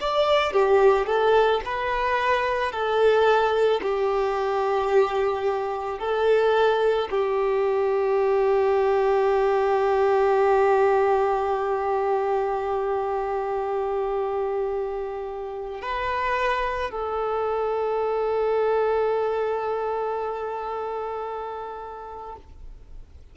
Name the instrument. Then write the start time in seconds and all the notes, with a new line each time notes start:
violin
0.00 D5
0.53 G4
1.06 A4
1.65 B4
2.71 A4
3.81 G4
5.99 A4
7.11 G4
15.81 B4
16.90 A4